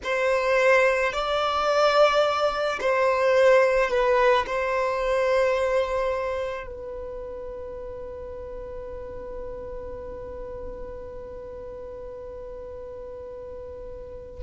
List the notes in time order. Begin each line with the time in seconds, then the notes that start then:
0.03 C5
1.12 D5
2.80 C5
3.90 B4
4.46 C5
6.66 B4